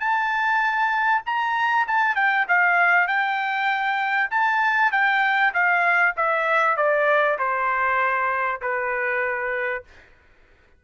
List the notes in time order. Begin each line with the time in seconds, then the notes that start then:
0.00 A5
1.26 A#5
1.87 A5
2.16 G5
2.48 F5
3.08 G5
4.31 A5
4.92 G5
5.54 F5
6.17 E5
6.77 D5
7.39 C5
8.61 B4